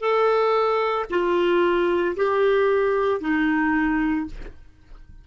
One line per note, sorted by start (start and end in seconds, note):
0.00 1.05 A4
1.10 2.15 F4
2.16 3.21 G4
3.21 4.26 D#4